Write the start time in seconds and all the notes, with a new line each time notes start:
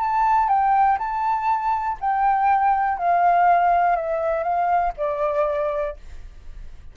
0.00 A5
0.48 G5
0.98 A5
2.00 G5
2.98 F5
3.96 E5
4.43 F5
4.97 D5